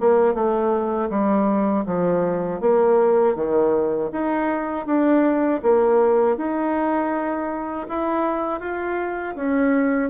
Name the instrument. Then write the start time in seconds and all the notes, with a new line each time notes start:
bassoon
0.00 A#3
0.34 A3
1.10 G3
1.85 F3
2.60 A#3
3.35 D#3
4.12 D#4
4.86 D4
5.62 A#3
6.36 D#4
7.88 E4
8.60 F4
9.35 C#4